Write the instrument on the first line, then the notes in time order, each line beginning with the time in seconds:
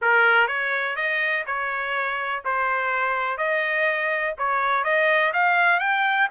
trumpet
0.01 A#4
0.47 C#5
0.96 D#5
1.46 C#5
2.44 C5
3.37 D#5
4.38 C#5
4.84 D#5
5.33 F5
5.79 G5